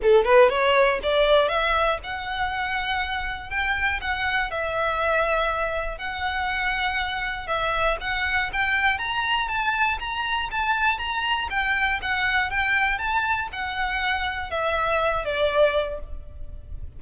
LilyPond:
\new Staff \with { instrumentName = "violin" } { \time 4/4 \tempo 4 = 120 a'8 b'8 cis''4 d''4 e''4 | fis''2. g''4 | fis''4 e''2. | fis''2. e''4 |
fis''4 g''4 ais''4 a''4 | ais''4 a''4 ais''4 g''4 | fis''4 g''4 a''4 fis''4~ | fis''4 e''4. d''4. | }